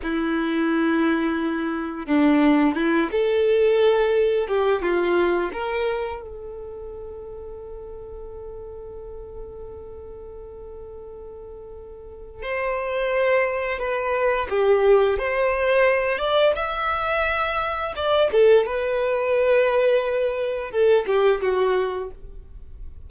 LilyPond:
\new Staff \with { instrumentName = "violin" } { \time 4/4 \tempo 4 = 87 e'2. d'4 | e'8 a'2 g'8 f'4 | ais'4 a'2.~ | a'1~ |
a'2 c''2 | b'4 g'4 c''4. d''8 | e''2 d''8 a'8 b'4~ | b'2 a'8 g'8 fis'4 | }